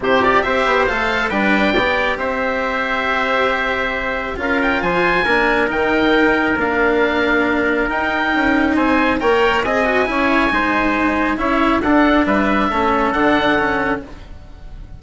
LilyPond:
<<
  \new Staff \with { instrumentName = "oboe" } { \time 4/4 \tempo 4 = 137 c''8 d''8 e''4 f''4 g''4~ | g''4 e''2.~ | e''2 f''8 g''8 gis''4~ | gis''4 g''2 f''4~ |
f''2 g''2 | gis''4 g''4 gis''2~ | gis''2 e''4 fis''4 | e''2 fis''2 | }
  \new Staff \with { instrumentName = "trumpet" } { \time 4/4 g'4 c''2 b'4 | d''4 c''2.~ | c''2 ais'4 c''4 | ais'1~ |
ais'1 | c''4 cis''4 dis''4 cis''4 | c''2 cis''4 a'4 | b'4 a'2. | }
  \new Staff \with { instrumentName = "cello" } { \time 4/4 e'8 f'8 g'4 a'4 d'4 | g'1~ | g'2 f'2 | d'4 dis'2 d'4~ |
d'2 dis'2~ | dis'4 ais'4 gis'8 fis'8 e'4 | dis'2 e'4 d'4~ | d'4 cis'4 d'4 cis'4 | }
  \new Staff \with { instrumentName = "bassoon" } { \time 4/4 c4 c'8 b8 a4 g4 | b4 c'2.~ | c'2 cis'4 f4 | ais4 dis2 ais4~ |
ais2 dis'4 cis'4 | c'4 ais4 c'4 cis'4 | gis2 cis'4 d'4 | g4 a4 d2 | }
>>